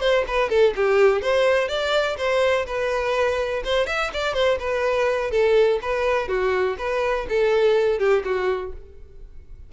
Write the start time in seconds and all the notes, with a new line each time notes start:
0.00 C5
0.27 B4
0.49 A4
0.76 G4
1.22 C5
1.68 D5
2.17 C5
2.66 B4
3.64 C5
3.86 E5
4.13 D5
4.34 C5
4.59 B4
5.31 A4
5.82 B4
6.28 F#4
6.78 B4
7.29 A4
7.99 G4
8.24 F#4